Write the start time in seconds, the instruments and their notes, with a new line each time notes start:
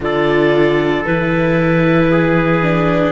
0.00 cello D3, viola F4, trumpet A4, clarinet D5
1.05 cello E3, viola E4, clarinet B4
2.11 trumpet G#4
2.62 viola D4